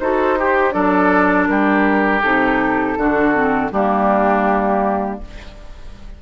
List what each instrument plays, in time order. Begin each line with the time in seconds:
0.00 bassoon D#4, clarinet F#4, oboe A4, flute C5
0.39 clarinet G4, oboe G4
0.72 bassoon F#3, clarinet D4, oboe A4, flute D5
1.47 bassoon G3, oboe G4, flute A#4
2.22 bassoon C3, clarinet D#4, flute A4
2.98 bassoon D3, clarinet D4, oboe F#4
3.34 clarinet C4
3.72 bassoon G3, clarinet A#3, oboe D4, flute G4